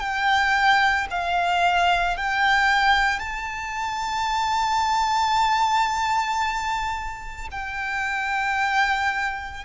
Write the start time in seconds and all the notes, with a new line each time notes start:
0.00 G5
1.11 F5
2.17 G5
3.19 A5
7.51 G5